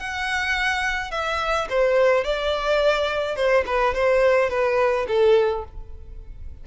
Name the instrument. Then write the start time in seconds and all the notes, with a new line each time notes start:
violin
0.00 F#5
1.12 E5
1.70 C5
2.25 D5
3.37 C5
3.67 B4
3.95 C5
4.50 B4
5.08 A4